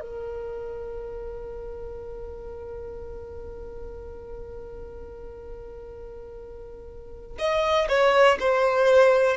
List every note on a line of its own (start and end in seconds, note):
0.00 7.38 A#4
7.39 7.88 D#5
7.89 8.38 C#5
8.40 9.37 C5